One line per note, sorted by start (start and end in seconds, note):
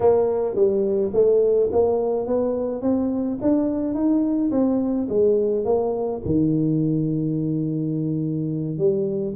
0.00 0.55 A#3
0.55 1.12 G3
1.13 1.70 A3
1.72 2.26 A#3
2.26 2.81 B3
2.81 3.38 C4
3.41 3.94 D4
3.94 4.51 D#4
4.51 5.07 C4
5.08 5.64 G#3
5.64 6.21 A#3
6.25 8.78 D#3
8.78 9.34 G3